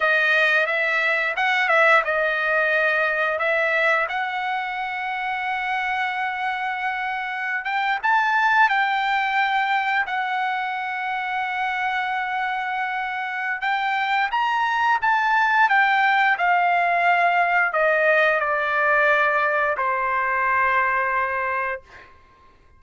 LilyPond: \new Staff \with { instrumentName = "trumpet" } { \time 4/4 \tempo 4 = 88 dis''4 e''4 fis''8 e''8 dis''4~ | dis''4 e''4 fis''2~ | fis''2.~ fis''16 g''8 a''16~ | a''8. g''2 fis''4~ fis''16~ |
fis''1 | g''4 ais''4 a''4 g''4 | f''2 dis''4 d''4~ | d''4 c''2. | }